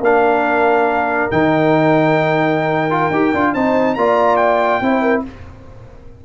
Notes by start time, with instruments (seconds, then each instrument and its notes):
0.00 tuba A#3, trombone D4, horn A#4, trumpet F5
1.31 tuba D#3, trombone D#4, trumpet G5
2.90 trombone F4
3.11 tuba D#4, trombone G4
3.34 tuba D4, trombone F4
3.54 tuba C4, trombone D#4, horn C5, trumpet A5
3.95 tuba A#3, trombone F4, horn D5, trumpet A#5
4.36 trumpet G5
4.81 tuba C4, trombone E4, horn C5
5.02 horn A#4